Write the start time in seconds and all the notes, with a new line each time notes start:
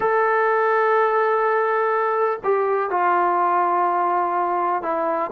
0.00 A4
2.44 G4
2.90 F4
4.82 E4